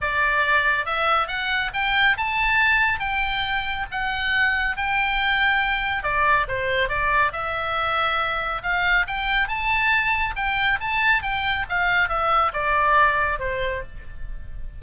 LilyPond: \new Staff \with { instrumentName = "oboe" } { \time 4/4 \tempo 4 = 139 d''2 e''4 fis''4 | g''4 a''2 g''4~ | g''4 fis''2 g''4~ | g''2 d''4 c''4 |
d''4 e''2. | f''4 g''4 a''2 | g''4 a''4 g''4 f''4 | e''4 d''2 c''4 | }